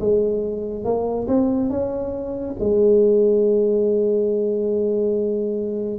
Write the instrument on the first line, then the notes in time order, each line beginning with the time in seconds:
tuba
0.00 G#3
0.84 A#3
1.27 C4
1.69 C#4
2.59 G#3